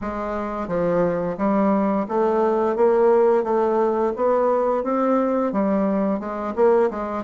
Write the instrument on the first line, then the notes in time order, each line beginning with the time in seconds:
bassoon
0.01 G#3
0.67 F3
1.37 G3
2.08 A3
2.76 A#3
3.43 A3
4.16 B3
4.83 C4
5.52 G3
6.19 G#3
6.55 A#3
6.90 G#3